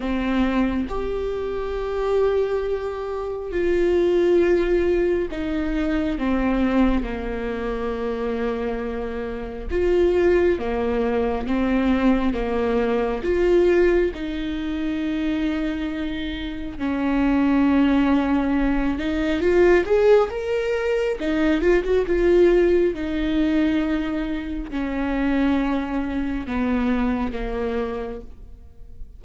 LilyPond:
\new Staff \with { instrumentName = "viola" } { \time 4/4 \tempo 4 = 68 c'4 g'2. | f'2 dis'4 c'4 | ais2. f'4 | ais4 c'4 ais4 f'4 |
dis'2. cis'4~ | cis'4. dis'8 f'8 gis'8 ais'4 | dis'8 f'16 fis'16 f'4 dis'2 | cis'2 b4 ais4 | }